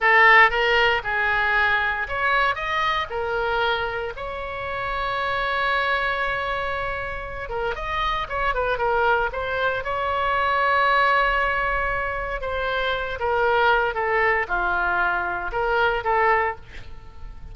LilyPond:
\new Staff \with { instrumentName = "oboe" } { \time 4/4 \tempo 4 = 116 a'4 ais'4 gis'2 | cis''4 dis''4 ais'2 | cis''1~ | cis''2~ cis''8 ais'8 dis''4 |
cis''8 b'8 ais'4 c''4 cis''4~ | cis''1 | c''4. ais'4. a'4 | f'2 ais'4 a'4 | }